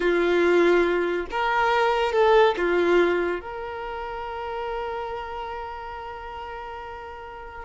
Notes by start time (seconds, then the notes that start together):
0.00 F4
1.30 A#4
2.12 A4
2.57 F4
3.40 A#4